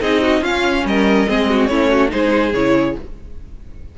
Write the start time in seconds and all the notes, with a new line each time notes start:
0.00 C4 D#4 G#4 D#5
0.21 F#4
0.41 C#4 F4 F5
0.84 G3 A#4 D#5
1.27 G#3 C4 G#4
1.49 F#4
1.66 A3 C#4 E4 C#5
1.90 F#4
2.09 G#3 D#4 G#4 C5
2.53 C#3 E4 C#5